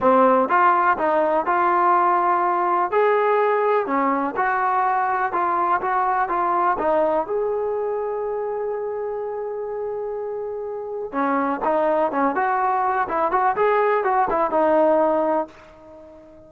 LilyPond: \new Staff \with { instrumentName = "trombone" } { \time 4/4 \tempo 4 = 124 c'4 f'4 dis'4 f'4~ | f'2 gis'2 | cis'4 fis'2 f'4 | fis'4 f'4 dis'4 gis'4~ |
gis'1~ | gis'2. cis'4 | dis'4 cis'8 fis'4. e'8 fis'8 | gis'4 fis'8 e'8 dis'2 | }